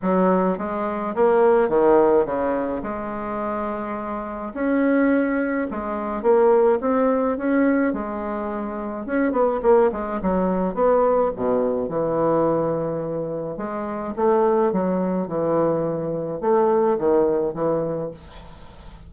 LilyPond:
\new Staff \with { instrumentName = "bassoon" } { \time 4/4 \tempo 4 = 106 fis4 gis4 ais4 dis4 | cis4 gis2. | cis'2 gis4 ais4 | c'4 cis'4 gis2 |
cis'8 b8 ais8 gis8 fis4 b4 | b,4 e2. | gis4 a4 fis4 e4~ | e4 a4 dis4 e4 | }